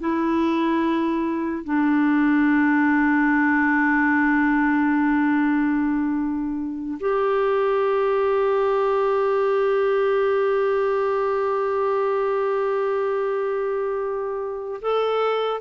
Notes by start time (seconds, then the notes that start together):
0.00 E4
1.64 D4
7.00 G4
14.82 A4